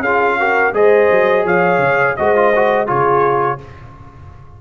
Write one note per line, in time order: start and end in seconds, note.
0.00 0.71 C#4
0.00 0.40 F4
0.00 0.37 G#4
0.00 0.74 F5
0.39 0.74 F#4
0.39 0.75 A#4
0.73 1.09 G#3
0.73 2.17 G#4
0.73 1.45 C5
0.73 1.46 D#5
1.11 1.44 F#3
1.44 1.78 F3
1.44 2.17 C#5
1.44 2.16 F5
1.78 2.14 C#3
2.16 2.89 G#3
2.16 2.35 F#4
2.16 2.87 C5
2.16 2.88 D#5
2.35 2.53 F4
2.55 2.87 F#4
2.87 3.61 C#3
2.87 3.58 F4
2.87 3.59 G#4
2.87 3.60 C#5